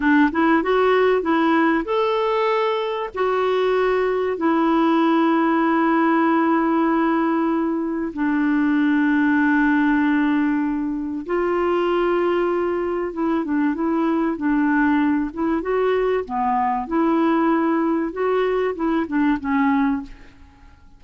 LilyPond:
\new Staff \with { instrumentName = "clarinet" } { \time 4/4 \tempo 4 = 96 d'8 e'8 fis'4 e'4 a'4~ | a'4 fis'2 e'4~ | e'1~ | e'4 d'2.~ |
d'2 f'2~ | f'4 e'8 d'8 e'4 d'4~ | d'8 e'8 fis'4 b4 e'4~ | e'4 fis'4 e'8 d'8 cis'4 | }